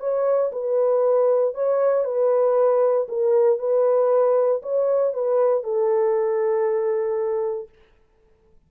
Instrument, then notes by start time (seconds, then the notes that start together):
horn
0.00 C#5
0.52 B4
1.55 C#5
2.05 B4
3.08 A#4
3.59 B4
4.62 C#5
5.14 B4
5.64 A4